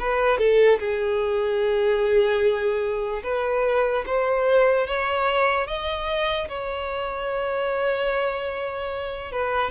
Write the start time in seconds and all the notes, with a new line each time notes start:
0.00 B4
0.39 A4
0.80 G#4
3.24 B4
4.07 C5
4.88 C#5
5.68 D#5
6.49 C#5
9.32 B4